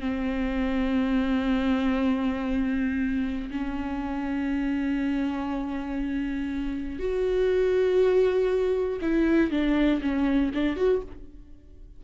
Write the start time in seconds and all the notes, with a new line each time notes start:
0.00 C4
3.50 C#4
6.99 F#4
9.02 E4
9.50 D4
10.02 C#4
10.54 D4
10.76 F#4